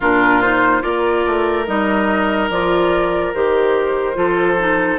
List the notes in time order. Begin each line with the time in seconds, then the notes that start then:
0.00 A#2 D4 F4 A#4
0.41 D#4 C5
0.81 A#3 F4 A#4 D5
1.26 A3
1.66 G3 D#4 D#5
2.49 F3 F4 D5
3.34 D#3 G4 C5
4.14 F3 F4 A4
4.59 D#4